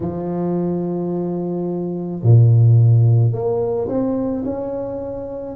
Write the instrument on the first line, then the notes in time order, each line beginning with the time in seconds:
tuba
0.00 F3
2.22 A#2
3.32 A#3
3.88 C4
4.44 C#4